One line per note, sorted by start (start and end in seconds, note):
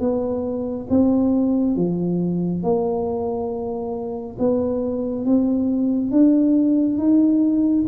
0.00 0.87 B3
0.89 1.76 C4
1.76 2.63 F3
2.63 4.37 A#3
4.39 5.25 B3
5.25 6.11 C4
6.11 6.98 D4
6.98 7.85 D#4